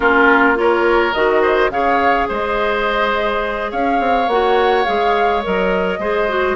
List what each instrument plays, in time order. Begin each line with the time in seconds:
0.00 bassoon A#3, clarinet C#4, oboe F4, flute A#4
0.55 clarinet F4, oboe A#4, flute C#5
1.13 bassoon D#3, clarinet F#4, flute D#5
1.41 oboe C5
1.69 bassoon C#3, clarinet G#4, oboe C#5, flute F5
2.28 bassoon G#3, oboe C5, flute D#5
3.71 bassoon C#4, oboe C#5, flute F5
4.00 bassoon C4
4.27 bassoon A#3, clarinet F#4, flute F#5
4.84 bassoon G#3, clarinet G#4, flute F5
5.42 bassoon F#3, clarinet A#4, flute D#5
5.98 bassoon G#3, clarinet G#4, oboe C5
6.28 clarinet F#4